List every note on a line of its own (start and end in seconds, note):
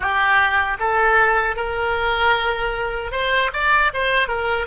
0.00 0.77 G4
0.79 1.56 A4
1.56 3.11 A#4
3.11 3.50 C5
3.53 3.92 D5
3.93 4.28 C5
4.28 4.66 A#4